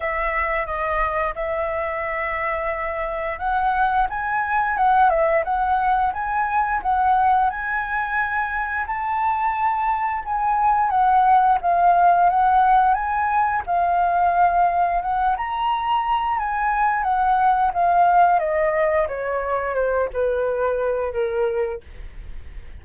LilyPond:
\new Staff \with { instrumentName = "flute" } { \time 4/4 \tempo 4 = 88 e''4 dis''4 e''2~ | e''4 fis''4 gis''4 fis''8 e''8 | fis''4 gis''4 fis''4 gis''4~ | gis''4 a''2 gis''4 |
fis''4 f''4 fis''4 gis''4 | f''2 fis''8 ais''4. | gis''4 fis''4 f''4 dis''4 | cis''4 c''8 b'4. ais'4 | }